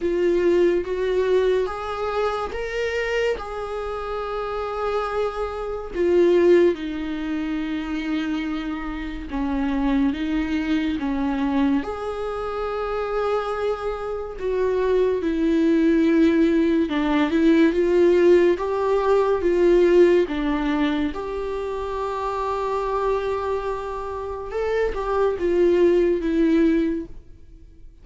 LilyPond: \new Staff \with { instrumentName = "viola" } { \time 4/4 \tempo 4 = 71 f'4 fis'4 gis'4 ais'4 | gis'2. f'4 | dis'2. cis'4 | dis'4 cis'4 gis'2~ |
gis'4 fis'4 e'2 | d'8 e'8 f'4 g'4 f'4 | d'4 g'2.~ | g'4 a'8 g'8 f'4 e'4 | }